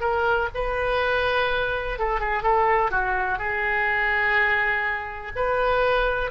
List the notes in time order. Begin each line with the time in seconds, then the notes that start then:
0.00 A#4
0.54 B4
1.98 A4
2.20 G#4
2.43 A4
2.91 F#4
3.38 G#4
5.35 B4